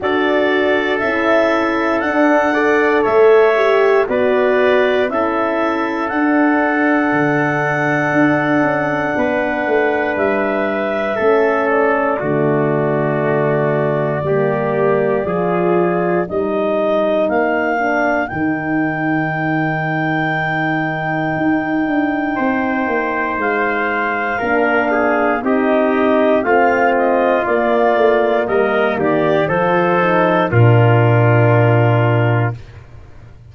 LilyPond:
<<
  \new Staff \with { instrumentName = "clarinet" } { \time 4/4 \tempo 4 = 59 d''4 e''4 fis''4 e''4 | d''4 e''4 fis''2~ | fis''2 e''4. d''8~ | d''1 |
dis''4 f''4 g''2~ | g''2. f''4~ | f''4 dis''4 f''8 dis''8 d''4 | dis''8 d''8 c''4 ais'2 | }
  \new Staff \with { instrumentName = "trumpet" } { \time 4/4 a'2~ a'8 d''8 cis''4 | b'4 a'2.~ | a'4 b'2 a'4 | fis'2 g'4 gis'4 |
ais'1~ | ais'2 c''2 | ais'8 gis'8 g'4 f'2 | ais'8 g'8 a'4 f'2 | }
  \new Staff \with { instrumentName = "horn" } { \time 4/4 fis'4 e'4 d'8 a'4 g'8 | fis'4 e'4 d'2~ | d'2. cis'4 | a2 ais4 f'4 |
dis'4. d'8 dis'2~ | dis'1 | d'4 dis'4 c'4 ais4~ | ais4 f'8 dis'8 d'2 | }
  \new Staff \with { instrumentName = "tuba" } { \time 4/4 d'4 cis'4 d'4 a4 | b4 cis'4 d'4 d4 | d'8 cis'8 b8 a8 g4 a4 | d2 g4 f4 |
g4 ais4 dis2~ | dis4 dis'8 d'8 c'8 ais8 gis4 | ais4 c'4 a4 ais8 a8 | g8 dis8 f4 ais,2 | }
>>